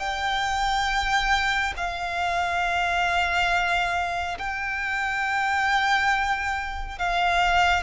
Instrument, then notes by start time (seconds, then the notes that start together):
violin
0.00 G5
1.77 F5
4.39 G5
6.99 F5